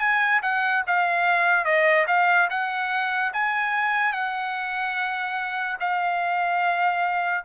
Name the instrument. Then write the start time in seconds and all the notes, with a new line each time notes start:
trumpet
0.00 G#5
0.43 F#5
0.87 F5
1.65 D#5
2.07 F5
2.50 F#5
3.34 G#5
4.13 F#5
5.81 F5